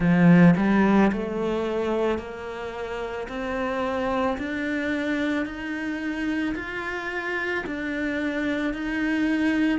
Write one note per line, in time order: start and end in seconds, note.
0.00 0.55 F3
0.57 1.11 G3
1.12 2.18 A3
2.18 3.27 A#3
3.28 4.37 C4
4.38 5.45 D4
5.45 6.55 D#4
6.55 7.64 F4
7.66 8.73 D4
8.73 9.79 D#4